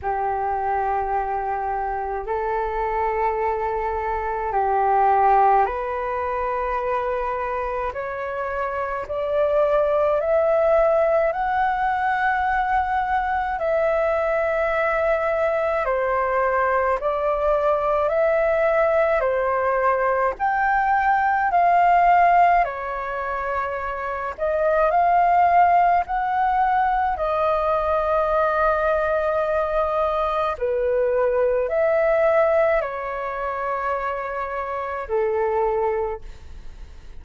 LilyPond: \new Staff \with { instrumentName = "flute" } { \time 4/4 \tempo 4 = 53 g'2 a'2 | g'4 b'2 cis''4 | d''4 e''4 fis''2 | e''2 c''4 d''4 |
e''4 c''4 g''4 f''4 | cis''4. dis''8 f''4 fis''4 | dis''2. b'4 | e''4 cis''2 a'4 | }